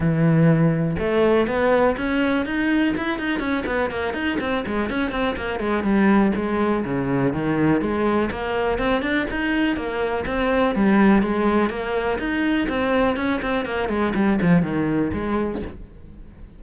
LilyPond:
\new Staff \with { instrumentName = "cello" } { \time 4/4 \tempo 4 = 123 e2 a4 b4 | cis'4 dis'4 e'8 dis'8 cis'8 b8 | ais8 dis'8 c'8 gis8 cis'8 c'8 ais8 gis8 | g4 gis4 cis4 dis4 |
gis4 ais4 c'8 d'8 dis'4 | ais4 c'4 g4 gis4 | ais4 dis'4 c'4 cis'8 c'8 | ais8 gis8 g8 f8 dis4 gis4 | }